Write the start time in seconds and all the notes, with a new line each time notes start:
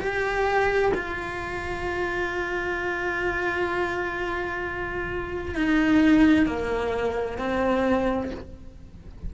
0.00 G4
0.94 F4
5.55 D#4
6.46 A#3
7.38 C4